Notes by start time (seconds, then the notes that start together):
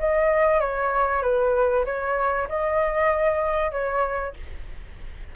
0.00 D#5
0.61 C#5
1.22 B4
1.86 C#5
2.49 D#5
3.72 C#5